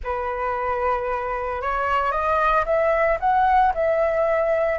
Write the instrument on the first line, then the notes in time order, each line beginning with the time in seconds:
flute
0.03 B4
1.61 C#5
2.11 D#5
2.65 E5
3.20 F#5
3.74 E5